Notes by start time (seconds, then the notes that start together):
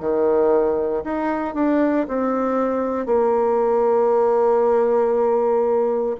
0.00 D#3
1.04 D#4
1.54 D4
2.08 C4
3.06 A#3